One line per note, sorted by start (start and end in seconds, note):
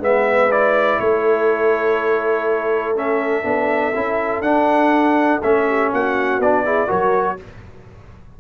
0.00 0.98 G#3
0.00 0.50 B3
0.00 1.01 B4
0.00 0.52 E5
0.52 2.96 E4
0.52 1.00 D5
1.00 3.44 A3
1.00 5.68 A4
1.00 2.96 C#5
2.96 3.44 C#4
2.96 4.42 E5
3.44 3.93 B3
3.44 3.93 D4
3.95 4.41 C#4
3.95 4.44 E4
4.41 5.39 D4
4.41 5.42 D4
4.41 5.40 F#5
5.42 5.93 A3
5.42 6.42 C#4
5.42 5.92 E5
5.68 5.92 G4
5.93 6.39 A#3
5.93 6.65 F#4
5.93 6.42 F#5
6.39 6.89 B3
6.39 6.65 D4
6.39 6.91 D5
6.65 6.88 E4
6.65 6.88 G#4
6.88 7.40 F#3
6.88 7.37 F#4
6.88 7.37 A#4
6.88 7.40 C#5